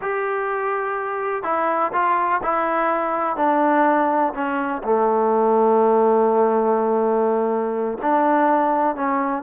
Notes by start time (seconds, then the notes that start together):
0.01 G4
1.43 E4
1.92 F4
2.42 E4
3.36 D4
4.34 C#4
4.83 A3
8.02 D4
8.95 C#4